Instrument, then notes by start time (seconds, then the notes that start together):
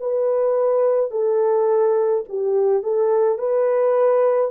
horn
0.00 B4
1.11 A4
2.29 G4
2.83 A4
3.39 B4